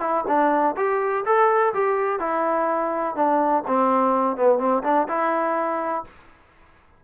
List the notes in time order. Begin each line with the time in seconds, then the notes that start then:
0.00 E4
0.27 D4
0.76 G4
1.25 A4
1.73 G4
2.19 E4
3.15 D4
3.67 C4
4.36 B3
4.58 C4
4.83 D4
5.08 E4